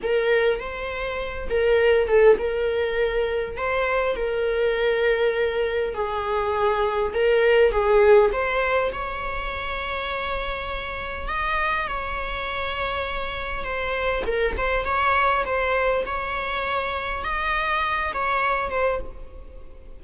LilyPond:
\new Staff \with { instrumentName = "viola" } { \time 4/4 \tempo 4 = 101 ais'4 c''4. ais'4 a'8 | ais'2 c''4 ais'4~ | ais'2 gis'2 | ais'4 gis'4 c''4 cis''4~ |
cis''2. dis''4 | cis''2. c''4 | ais'8 c''8 cis''4 c''4 cis''4~ | cis''4 dis''4. cis''4 c''8 | }